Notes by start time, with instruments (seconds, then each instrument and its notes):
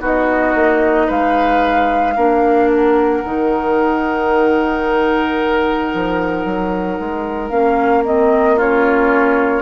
0.00 bassoon B3, clarinet D#4, oboe F#4, flute D#5
0.55 bassoon A#3
1.07 bassoon G#3, oboe B4, flute F5
2.17 bassoon A#3, clarinet D4, oboe A#4
2.71 flute F#5
3.25 bassoon D#3, clarinet D#4
5.95 bassoon F3
6.45 bassoon F#3
7.00 bassoon G#3
7.50 bassoon A#3, clarinet C#4, flute F5
8.05 clarinet C4, flute D#5
8.56 clarinet C#4, oboe F4, flute C#5